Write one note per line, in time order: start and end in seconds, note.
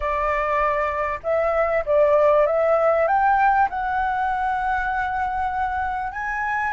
0.00 1.19 D5
1.23 1.84 E5
1.85 2.46 D5
2.46 3.07 E5
3.07 3.68 G5
3.69 6.12 F#5
6.12 6.73 G#5